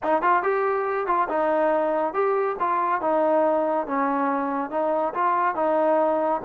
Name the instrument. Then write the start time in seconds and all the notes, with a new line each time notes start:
trombone
0.03 D#4
0.21 F4
0.42 G4
1.06 F4
1.28 D#4
2.13 G4
2.59 F4
3.01 D#4
3.86 C#4
4.70 D#4
5.14 F4
5.55 D#4